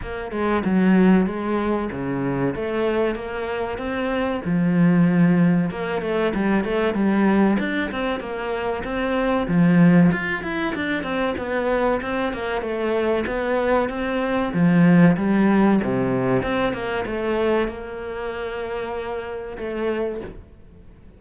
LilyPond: \new Staff \with { instrumentName = "cello" } { \time 4/4 \tempo 4 = 95 ais8 gis8 fis4 gis4 cis4 | a4 ais4 c'4 f4~ | f4 ais8 a8 g8 a8 g4 | d'8 c'8 ais4 c'4 f4 |
f'8 e'8 d'8 c'8 b4 c'8 ais8 | a4 b4 c'4 f4 | g4 c4 c'8 ais8 a4 | ais2. a4 | }